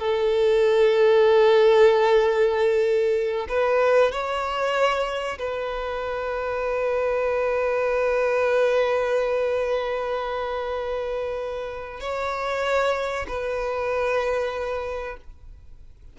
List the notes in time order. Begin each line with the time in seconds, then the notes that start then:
0.00 A4
3.49 B4
4.12 C#5
5.39 B4
12.01 C#5
13.28 B4